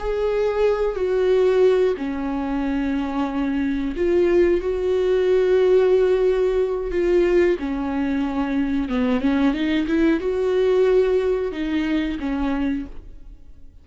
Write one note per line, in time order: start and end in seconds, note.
0.00 0.96 G#4
0.96 1.95 F#4
1.98 3.96 C#4
3.97 4.61 F4
4.61 6.92 F#4
6.92 7.58 F4
7.60 8.90 C#4
8.90 9.21 B3
9.21 9.54 C#4
9.54 9.87 D#4
9.88 10.21 E4
10.21 11.53 F#4
11.53 12.19 D#4
12.20 12.86 C#4